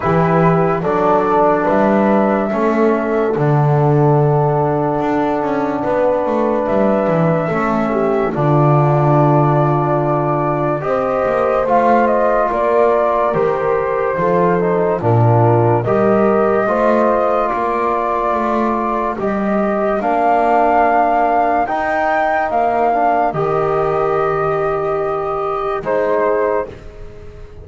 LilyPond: <<
  \new Staff \with { instrumentName = "flute" } { \time 4/4 \tempo 4 = 72 b'4 d''4 e''2 | fis''1 | e''2 d''2~ | d''4 dis''4 f''8 dis''8 d''4 |
c''2 ais'4 dis''4~ | dis''4 d''2 dis''4 | f''2 g''4 f''4 | dis''2. c''4 | }
  \new Staff \with { instrumentName = "horn" } { \time 4/4 g'4 a'4 b'4 a'4~ | a'2. b'4~ | b'4 a'8 g'8 f'2~ | f'4 c''2 ais'4~ |
ais'4 a'4 f'4 ais'4 | c''4 ais'2.~ | ais'1~ | ais'2. gis'4 | }
  \new Staff \with { instrumentName = "trombone" } { \time 4/4 e'4 d'2 cis'4 | d'1~ | d'4 cis'4 d'2~ | d'4 g'4 f'2 |
g'4 f'8 dis'8 d'4 g'4 | f'2. g'4 | d'2 dis'4. d'8 | g'2. dis'4 | }
  \new Staff \with { instrumentName = "double bass" } { \time 4/4 e4 fis4 g4 a4 | d2 d'8 cis'8 b8 a8 | g8 e8 a4 d2~ | d4 c'8 ais8 a4 ais4 |
dis4 f4 ais,4 g4 | a4 ais4 a4 g4 | ais2 dis'4 ais4 | dis2. gis4 | }
>>